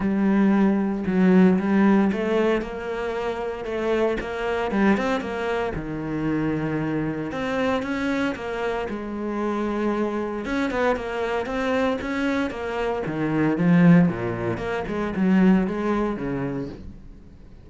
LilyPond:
\new Staff \with { instrumentName = "cello" } { \time 4/4 \tempo 4 = 115 g2 fis4 g4 | a4 ais2 a4 | ais4 g8 c'8 ais4 dis4~ | dis2 c'4 cis'4 |
ais4 gis2. | cis'8 b8 ais4 c'4 cis'4 | ais4 dis4 f4 ais,4 | ais8 gis8 fis4 gis4 cis4 | }